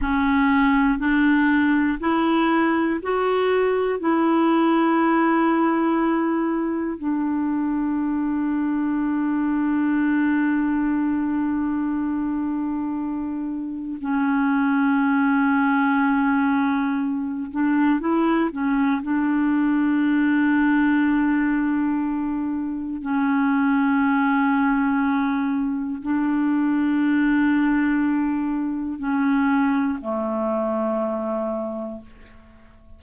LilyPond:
\new Staff \with { instrumentName = "clarinet" } { \time 4/4 \tempo 4 = 60 cis'4 d'4 e'4 fis'4 | e'2. d'4~ | d'1~ | d'2 cis'2~ |
cis'4. d'8 e'8 cis'8 d'4~ | d'2. cis'4~ | cis'2 d'2~ | d'4 cis'4 a2 | }